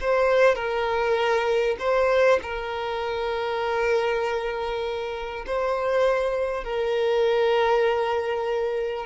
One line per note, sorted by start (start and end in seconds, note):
0.00 0.55 C5
0.55 1.76 A#4
1.79 2.39 C5
2.42 5.45 A#4
5.46 6.64 C5
6.64 9.06 A#4